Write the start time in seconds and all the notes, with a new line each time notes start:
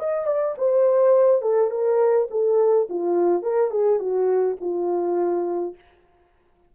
0.00 D#5
0.27 D5
0.58 C5
1.42 A4
1.71 A#4
2.31 A4
2.90 F4
3.43 A#4
3.71 G#4
4.00 F#4
4.61 F4